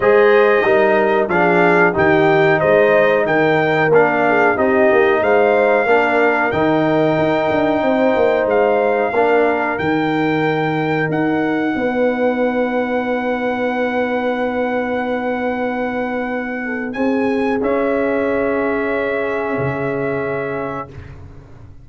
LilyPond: <<
  \new Staff \with { instrumentName = "trumpet" } { \time 4/4 \tempo 4 = 92 dis''2 f''4 g''4 | dis''4 g''4 f''4 dis''4 | f''2 g''2~ | g''4 f''2 g''4~ |
g''4 fis''2.~ | fis''1~ | fis''2 gis''4 e''4~ | e''1 | }
  \new Staff \with { instrumentName = "horn" } { \time 4/4 c''4 ais'4 gis'4 g'4 | c''4 ais'4. gis'8 g'4 | c''4 ais'2. | c''2 ais'2~ |
ais'2 b'2~ | b'1~ | b'4. a'8 gis'2~ | gis'1 | }
  \new Staff \with { instrumentName = "trombone" } { \time 4/4 gis'4 dis'4 d'4 dis'4~ | dis'2 d'4 dis'4~ | dis'4 d'4 dis'2~ | dis'2 d'4 dis'4~ |
dis'1~ | dis'1~ | dis'2. cis'4~ | cis'1 | }
  \new Staff \with { instrumentName = "tuba" } { \time 4/4 gis4 g4 f4 dis4 | gis4 dis4 ais4 c'8 ais8 | gis4 ais4 dis4 dis'8 d'8 | c'8 ais8 gis4 ais4 dis4~ |
dis4 dis'4 b2~ | b1~ | b2 c'4 cis'4~ | cis'2 cis2 | }
>>